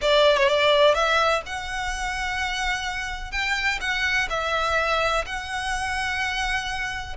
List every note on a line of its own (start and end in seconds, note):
0.01 0.37 D5
0.37 0.48 C#5
0.48 0.94 D5
0.94 1.42 E5
1.46 3.31 F#5
3.31 3.79 G5
3.81 4.28 F#5
4.29 5.24 E5
5.26 7.16 F#5